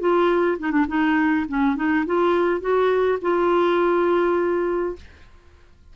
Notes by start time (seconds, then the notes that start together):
0.00 F4
0.60 D#4
0.72 D4
0.88 D#4
1.49 C#4
1.76 D#4
2.06 F4
2.61 F#4
3.22 F4